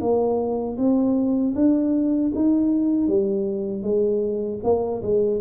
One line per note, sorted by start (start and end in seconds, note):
0.00 0.77 A#3
0.77 1.54 C4
1.55 2.32 D4
2.35 3.07 D#4
3.07 3.83 G3
3.83 4.59 G#3
4.63 5.02 A#3
5.02 5.41 G#3